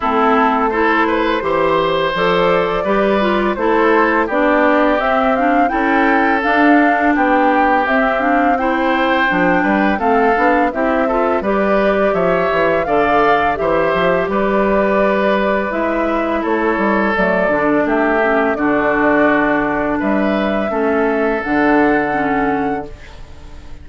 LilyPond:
<<
  \new Staff \with { instrumentName = "flute" } { \time 4/4 \tempo 4 = 84 a'4 c''2 d''4~ | d''4 c''4 d''4 e''8 f''8 | g''4 f''4 g''4 e''8 f''8 | g''2 f''4 e''4 |
d''4 e''4 f''4 e''4 | d''2 e''4 cis''4 | d''4 e''4 d''2 | e''2 fis''2 | }
  \new Staff \with { instrumentName = "oboe" } { \time 4/4 e'4 a'8 b'8 c''2 | b'4 a'4 g'2 | a'2 g'2 | c''4. b'8 a'4 g'8 a'8 |
b'4 cis''4 d''4 c''4 | b'2. a'4~ | a'4 g'4 fis'2 | b'4 a'2. | }
  \new Staff \with { instrumentName = "clarinet" } { \time 4/4 c'4 e'4 g'4 a'4 | g'8 f'8 e'4 d'4 c'8 d'8 | e'4 d'2 c'8 d'8 | e'4 d'4 c'8 d'8 e'8 f'8 |
g'2 a'4 g'4~ | g'2 e'2 | a8 d'4 cis'8 d'2~ | d'4 cis'4 d'4 cis'4 | }
  \new Staff \with { instrumentName = "bassoon" } { \time 4/4 a2 e4 f4 | g4 a4 b4 c'4 | cis'4 d'4 b4 c'4~ | c'4 f8 g8 a8 b8 c'4 |
g4 f8 e8 d4 e8 f8 | g2 gis4 a8 g8 | fis8 d8 a4 d2 | g4 a4 d2 | }
>>